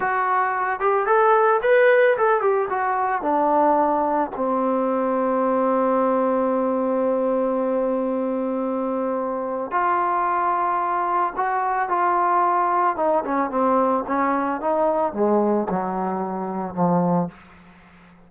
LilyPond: \new Staff \with { instrumentName = "trombone" } { \time 4/4 \tempo 4 = 111 fis'4. g'8 a'4 b'4 | a'8 g'8 fis'4 d'2 | c'1~ | c'1~ |
c'2 f'2~ | f'4 fis'4 f'2 | dis'8 cis'8 c'4 cis'4 dis'4 | gis4 fis2 f4 | }